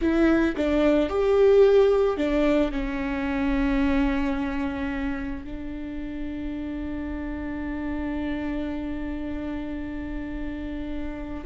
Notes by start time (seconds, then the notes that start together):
0.01 E4
0.56 D4
1.09 G4
2.17 D4
2.71 C#4
5.44 D4